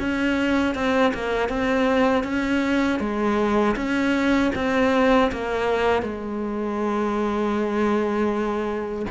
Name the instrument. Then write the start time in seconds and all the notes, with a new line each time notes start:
cello
0.00 C#4
0.75 C4
1.14 A#3
1.49 C4
2.24 C#4
3.00 G#3
3.76 C#4
4.55 C4
5.32 A#3
6.02 G#3